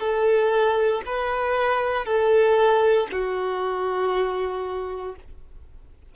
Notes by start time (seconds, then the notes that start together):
0.00 A4
1.06 B4
2.05 A4
3.12 F#4